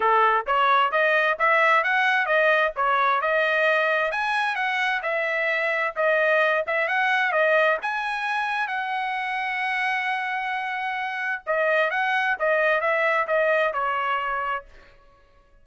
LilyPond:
\new Staff \with { instrumentName = "trumpet" } { \time 4/4 \tempo 4 = 131 a'4 cis''4 dis''4 e''4 | fis''4 dis''4 cis''4 dis''4~ | dis''4 gis''4 fis''4 e''4~ | e''4 dis''4. e''8 fis''4 |
dis''4 gis''2 fis''4~ | fis''1~ | fis''4 dis''4 fis''4 dis''4 | e''4 dis''4 cis''2 | }